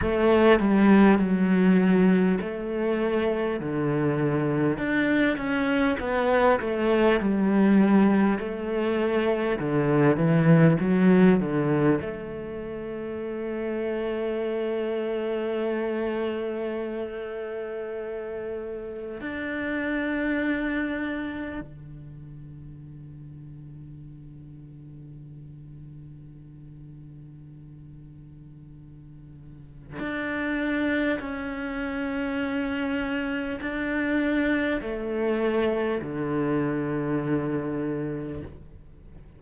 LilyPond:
\new Staff \with { instrumentName = "cello" } { \time 4/4 \tempo 4 = 50 a8 g8 fis4 a4 d4 | d'8 cis'8 b8 a8 g4 a4 | d8 e8 fis8 d8 a2~ | a1 |
d'2 d2~ | d1~ | d4 d'4 cis'2 | d'4 a4 d2 | }